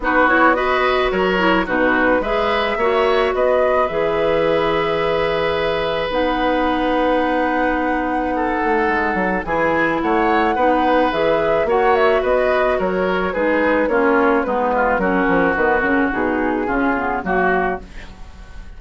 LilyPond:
<<
  \new Staff \with { instrumentName = "flute" } { \time 4/4 \tempo 4 = 108 b'8 cis''8 dis''4 cis''4 b'4 | e''2 dis''4 e''4~ | e''2. fis''4~ | fis''1~ |
fis''4 gis''4 fis''2 | e''4 fis''8 e''8 dis''4 cis''4 | b'4 cis''4 b'4 ais'4 | b'8 ais'8 gis'2 fis'4 | }
  \new Staff \with { instrumentName = "oboe" } { \time 4/4 fis'4 b'4 ais'4 fis'4 | b'4 cis''4 b'2~ | b'1~ | b'2. a'4~ |
a'4 gis'4 cis''4 b'4~ | b'4 cis''4 b'4 ais'4 | gis'4 f'4 dis'8 f'8 fis'4~ | fis'2 f'4 fis'4 | }
  \new Staff \with { instrumentName = "clarinet" } { \time 4/4 dis'8 e'8 fis'4. e'8 dis'4 | gis'4 fis'2 gis'4~ | gis'2. dis'4~ | dis'1~ |
dis'4 e'2 dis'4 | gis'4 fis'2. | dis'4 cis'4 b4 cis'4 | b8 cis'8 dis'4 cis'8 b8 ais4 | }
  \new Staff \with { instrumentName = "bassoon" } { \time 4/4 b2 fis4 b,4 | gis4 ais4 b4 e4~ | e2. b4~ | b2.~ b8 a8 |
gis8 fis8 e4 a4 b4 | e4 ais4 b4 fis4 | gis4 ais4 gis4 fis8 f8 | dis8 cis8 b,4 cis4 fis4 | }
>>